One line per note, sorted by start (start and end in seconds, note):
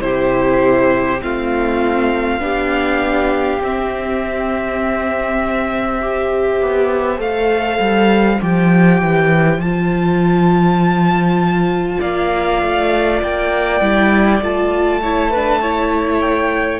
0.00 1.20 C3
0.00 1.20 E4
0.00 1.23 G4
0.00 1.20 C5
1.21 2.39 A3
1.21 2.39 C4
1.21 2.42 F4
1.21 3.62 F5
2.39 3.59 B3
2.39 3.59 D4
2.39 6.00 G4
3.61 6.61 C4
3.61 6.01 C4
3.61 7.20 E5
6.00 7.17 G4
6.00 11.99 C5
6.61 7.19 B3
7.17 7.79 A3
7.17 8.37 A4
7.17 8.40 F5
7.79 8.39 G3
8.40 9.02 F3
8.40 9.60 G4
8.40 9.60 G5
9.02 9.57 E3
9.57 11.97 F3
9.57 13.81 F4
9.57 12.00 A5
11.99 12.61 A#3
11.99 14.99 D5
11.99 13.21 F5
12.61 13.21 A3
13.22 13.80 A#3
13.22 14.43 G5
13.80 14.40 G3
13.80 14.42 E4
14.41 16.79 A3
14.41 15.02 F4
14.41 16.19 A5
15.01 15.33 E4
15.01 15.30 C#5
15.30 15.62 D4
15.30 15.60 B4
15.61 16.79 E4
15.61 16.79 C#5
16.19 16.79 G5